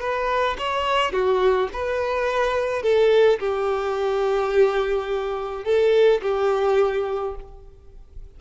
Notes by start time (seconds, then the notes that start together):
0.00 B4
0.58 C#5
1.12 F#4
1.73 B4
2.83 A4
3.39 G4
5.65 A4
6.22 G4